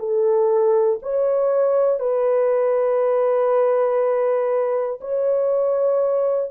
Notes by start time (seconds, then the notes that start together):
0.00 A4
1.03 C#5
2.00 B4
5.01 C#5